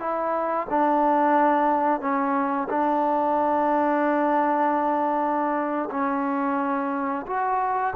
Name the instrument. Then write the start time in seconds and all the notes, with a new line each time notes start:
trombone
0.00 E4
0.70 D4
2.01 C#4
2.70 D4
5.91 C#4
7.27 F#4